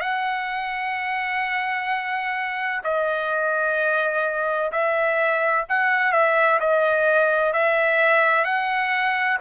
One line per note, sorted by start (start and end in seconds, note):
0.00 2.81 F#5
2.84 4.71 D#5
4.72 5.65 E5
5.69 6.12 F#5
6.12 6.59 E5
6.60 7.53 D#5
7.53 8.45 E5
8.45 9.38 F#5